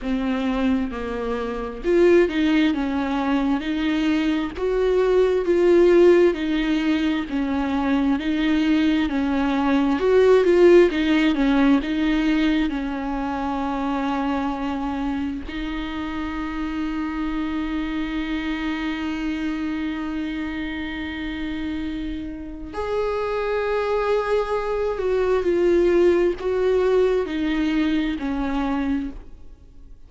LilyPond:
\new Staff \with { instrumentName = "viola" } { \time 4/4 \tempo 4 = 66 c'4 ais4 f'8 dis'8 cis'4 | dis'4 fis'4 f'4 dis'4 | cis'4 dis'4 cis'4 fis'8 f'8 | dis'8 cis'8 dis'4 cis'2~ |
cis'4 dis'2.~ | dis'1~ | dis'4 gis'2~ gis'8 fis'8 | f'4 fis'4 dis'4 cis'4 | }